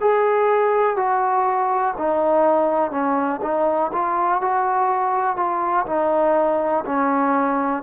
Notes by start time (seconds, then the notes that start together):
0.00 G#4
0.96 F#4
1.98 D#4
2.91 C#4
3.42 D#4
3.92 F4
4.41 F#4
5.36 F4
5.86 D#4
6.85 C#4